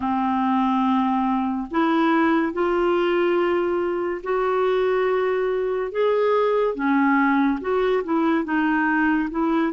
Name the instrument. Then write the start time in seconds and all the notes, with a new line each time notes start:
clarinet
0.00 C4
1.70 E4
2.52 F4
4.23 F#4
5.92 G#4
6.74 C#4
7.61 F#4
8.04 E4
8.44 D#4
9.30 E4